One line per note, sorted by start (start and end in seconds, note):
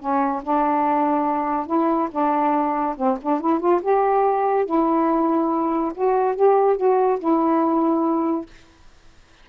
0.00 0.42 C#4
0.44 1.67 D4
1.67 2.09 E4
2.11 2.96 D4
2.97 3.18 C4
3.22 3.41 D4
3.41 3.60 E4
3.60 3.81 F4
3.82 4.66 G4
4.66 5.93 E4
5.95 6.36 F#4
6.36 6.77 G4
6.77 7.19 F#4
7.20 8.46 E4